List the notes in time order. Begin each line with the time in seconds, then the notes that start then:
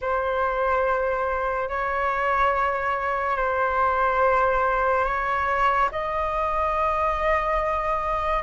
0.01 C5
1.68 C#5
3.36 C5
5.04 C#5
5.92 D#5